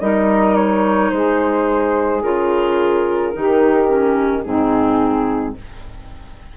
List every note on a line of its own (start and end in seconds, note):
0.00 1.12 G3
0.00 2.22 D#4
0.00 1.12 A#4
0.00 0.56 D#5
0.56 1.11 C#5
1.11 2.24 G#3
1.11 3.36 G#4
1.11 2.22 C5
2.23 3.35 C#3
2.23 3.33 F4
2.23 4.44 A#4
3.33 4.45 D#3
3.33 3.88 D#4
3.33 4.47 G4
3.88 4.44 C#4
4.44 5.56 G#2
4.44 5.56 C4
4.44 5.58 D#4
4.44 5.55 G#4